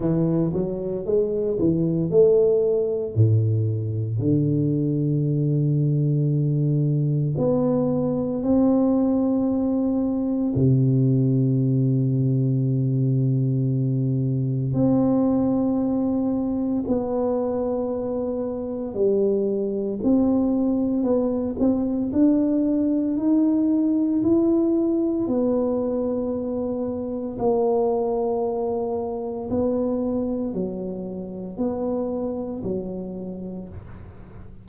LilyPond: \new Staff \with { instrumentName = "tuba" } { \time 4/4 \tempo 4 = 57 e8 fis8 gis8 e8 a4 a,4 | d2. b4 | c'2 c2~ | c2 c'2 |
b2 g4 c'4 | b8 c'8 d'4 dis'4 e'4 | b2 ais2 | b4 fis4 b4 fis4 | }